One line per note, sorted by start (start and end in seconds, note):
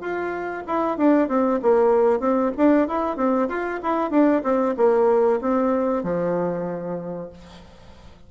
0.00 0.63 F4
0.67 0.97 E4
0.97 1.28 D4
1.28 1.60 C4
1.62 2.19 A#3
2.19 2.51 C4
2.57 2.87 D4
2.87 3.16 E4
3.16 3.48 C4
3.48 3.80 F4
3.82 4.10 E4
4.10 4.42 D4
4.43 4.75 C4
4.77 5.40 A#3
5.41 6.03 C4
6.03 7.29 F3